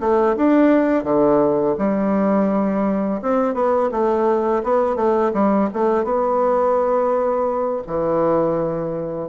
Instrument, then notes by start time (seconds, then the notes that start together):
bassoon
0.00 A3
0.36 D4
1.04 D3
1.78 G3
3.21 C4
3.54 B3
3.91 A3
4.63 B3
4.95 A3
5.33 G3
5.73 A3
6.04 B3
7.87 E3